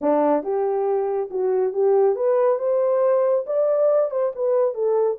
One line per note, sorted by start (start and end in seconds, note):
0.01 0.43 D4
0.43 1.29 G4
1.30 1.73 F#4
1.73 2.15 G4
2.15 2.58 B4
2.58 3.45 C5
3.46 4.10 D5
4.10 4.32 C5
4.35 4.74 B4
4.74 5.17 A4